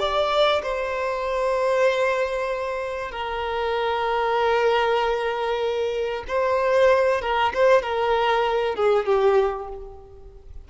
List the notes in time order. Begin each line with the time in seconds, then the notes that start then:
0.00 D5
0.63 C5
3.12 A#4
6.28 C5
7.22 A#4
7.54 C5
7.83 A#4
8.76 G#4
9.06 G4